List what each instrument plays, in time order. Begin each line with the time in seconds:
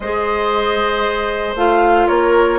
0.00 bassoon G#3, clarinet G#4, oboe C5, flute D#5
1.55 bassoon A3, clarinet F4, flute F5
2.07 bassoon A#3, oboe A#4, flute C#5